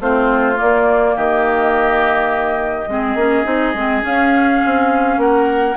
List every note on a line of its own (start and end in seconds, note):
0.00 0.58 A3
0.00 0.55 C4
0.00 1.16 F4
0.00 0.59 C5
0.55 2.85 A#3
0.55 1.17 D5
0.62 1.17 A#3
1.16 2.88 D#3
1.16 2.89 G4
1.16 4.05 D#5
2.88 3.15 G#3
2.88 3.18 C4
2.88 5.21 G#4
3.15 3.44 A#3
3.15 3.44 C#4
3.44 3.74 C4
3.44 3.73 D#4
3.74 4.03 G#3
3.74 4.01 C4
4.01 5.75 C#4
4.01 4.62 C#4
4.01 5.20 F5
4.66 5.17 C4
5.17 5.75 A#3
5.17 5.77 A#4
5.17 5.77 F#5